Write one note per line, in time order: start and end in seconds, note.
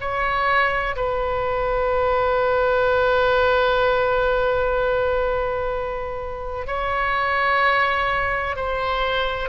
0.00 0.95 C#5
0.96 6.66 B4
6.66 8.56 C#5
8.56 9.49 C5